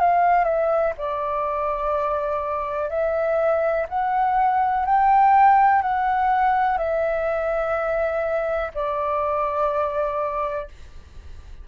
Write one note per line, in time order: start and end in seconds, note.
0.00 0.44 F5
0.44 0.93 E5
0.98 2.90 D5
2.90 3.87 E5
3.89 4.86 F#5
4.86 5.82 G5
5.82 6.78 F#5
6.78 8.71 E5
8.74 10.68 D5